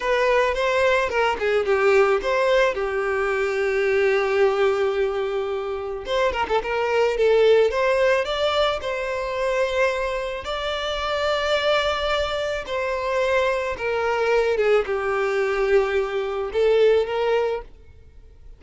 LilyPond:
\new Staff \with { instrumentName = "violin" } { \time 4/4 \tempo 4 = 109 b'4 c''4 ais'8 gis'8 g'4 | c''4 g'2.~ | g'2. c''8 ais'16 a'16 | ais'4 a'4 c''4 d''4 |
c''2. d''4~ | d''2. c''4~ | c''4 ais'4. gis'8 g'4~ | g'2 a'4 ais'4 | }